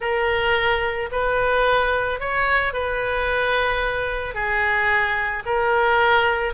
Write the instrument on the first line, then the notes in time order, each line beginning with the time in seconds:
oboe
0.00 A#4
1.11 B4
2.20 C#5
2.73 B4
4.34 G#4
5.45 A#4